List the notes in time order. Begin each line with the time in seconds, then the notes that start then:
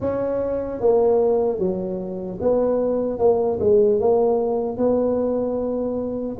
0.00 C#4
0.80 A#3
1.58 F#3
2.40 B3
3.19 A#3
3.60 G#3
4.00 A#3
4.77 B3